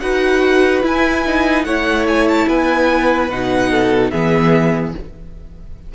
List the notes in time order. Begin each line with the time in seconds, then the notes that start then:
0.00 D#4 F#4 B4 F#5
0.83 E4 G#5
1.27 D#4
1.64 A3 E4 C#5 F#5
2.08 G#5
2.28 A5
2.48 B3 B4 G#5
3.29 B2 D#4 F#5
3.70 A4
4.10 E3 B3 G#4 E5